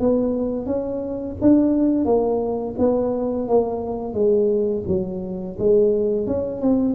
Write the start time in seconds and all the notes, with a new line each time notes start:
0.00 B3
0.66 C#4
1.41 D4
2.05 A#3
2.78 B3
3.48 A#3
4.14 G#3
4.87 F#3
5.59 G#3
6.27 C#4
6.61 C4